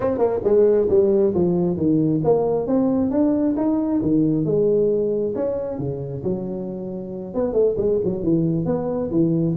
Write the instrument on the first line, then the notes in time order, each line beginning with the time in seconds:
tuba
0.00 C4
0.18 A#3
0.43 G#3
0.89 G3
1.34 F3
1.77 D#3
2.23 A#3
2.66 C4
3.10 D4
3.57 D#4
4.02 D#3
4.45 G#3
5.35 C#4
5.78 C#3
6.23 F#3
7.34 B3
7.53 A3
7.77 G#3
8.04 F#3
8.23 E3
8.65 B3
9.11 E3